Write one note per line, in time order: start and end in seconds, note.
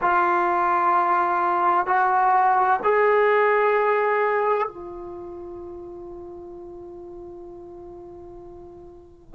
0.01 1.86 F4
1.86 2.80 F#4
2.83 4.68 G#4
4.68 9.34 F4